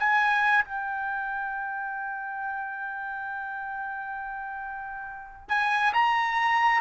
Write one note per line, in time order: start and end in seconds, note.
0.00 0.65 G#5
0.65 5.49 G5
5.49 5.94 G#5
5.94 6.82 A#5